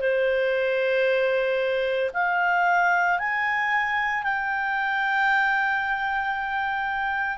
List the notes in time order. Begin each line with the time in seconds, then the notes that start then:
0.00 C5
2.13 F5
3.19 G#5
4.23 G5